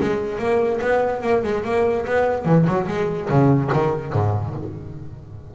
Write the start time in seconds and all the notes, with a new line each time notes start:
0.00 G#3
0.38 A#3
0.81 B3
1.22 A#3
1.43 G#3
1.64 A#3
2.06 B3
2.45 E3
2.67 F#3
2.87 G#3
3.29 C#3
3.73 D#3
4.13 G#2